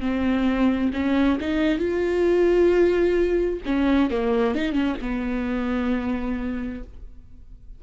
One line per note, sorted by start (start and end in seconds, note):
0.00 0.91 C4
0.93 1.38 C#4
1.40 1.78 D#4
1.78 3.60 F4
3.66 4.10 C#4
4.10 4.55 A#3
4.55 4.72 D#4
4.72 4.95 C#4
5.01 6.83 B3